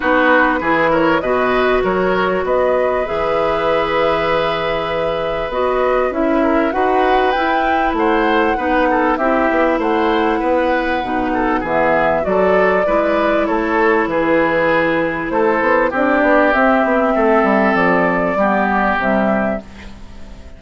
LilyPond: <<
  \new Staff \with { instrumentName = "flute" } { \time 4/4 \tempo 4 = 98 b'4. cis''8 dis''4 cis''4 | dis''4 e''2.~ | e''4 dis''4 e''4 fis''4 | g''4 fis''2 e''4 |
fis''2. e''4 | d''2 cis''4 b'4~ | b'4 c''4 d''4 e''4~ | e''4 d''2 e''4 | }
  \new Staff \with { instrumentName = "oboe" } { \time 4/4 fis'4 gis'8 ais'8 b'4 ais'4 | b'1~ | b'2~ b'8 ais'8 b'4~ | b'4 c''4 b'8 a'8 g'4 |
c''4 b'4. a'8 gis'4 | a'4 b'4 a'4 gis'4~ | gis'4 a'4 g'2 | a'2 g'2 | }
  \new Staff \with { instrumentName = "clarinet" } { \time 4/4 dis'4 e'4 fis'2~ | fis'4 gis'2.~ | gis'4 fis'4 e'4 fis'4 | e'2 dis'4 e'4~ |
e'2 dis'4 b4 | fis'4 e'2.~ | e'2 d'4 c'4~ | c'2 b4 g4 | }
  \new Staff \with { instrumentName = "bassoon" } { \time 4/4 b4 e4 b,4 fis4 | b4 e2.~ | e4 b4 cis'4 dis'4 | e'4 a4 b4 c'8 b8 |
a4 b4 b,4 e4 | fis4 gis4 a4 e4~ | e4 a8 b8 c'8 b8 c'8 b8 | a8 g8 f4 g4 c4 | }
>>